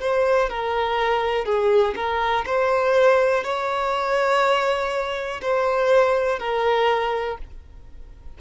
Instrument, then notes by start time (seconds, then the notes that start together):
violin
0.00 C5
0.49 A#4
1.45 G#4
1.95 A#4
2.46 C5
3.44 C#5
5.41 C5
6.39 A#4